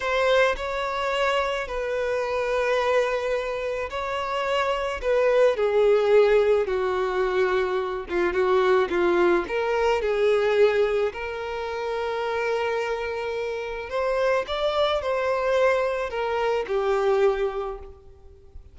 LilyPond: \new Staff \with { instrumentName = "violin" } { \time 4/4 \tempo 4 = 108 c''4 cis''2 b'4~ | b'2. cis''4~ | cis''4 b'4 gis'2 | fis'2~ fis'8 f'8 fis'4 |
f'4 ais'4 gis'2 | ais'1~ | ais'4 c''4 d''4 c''4~ | c''4 ais'4 g'2 | }